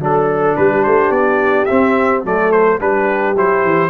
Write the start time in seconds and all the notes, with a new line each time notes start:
0.00 F#3 D4 A4
0.57 G3 G4 B4
0.84 A3 C5
1.11 B3 D5
1.65 C4 E5
2.25 F#3 A3 A4 D5
2.52 C5
2.79 G3 D4 G4 B4
3.37 F#3 E4 C5
3.64 E3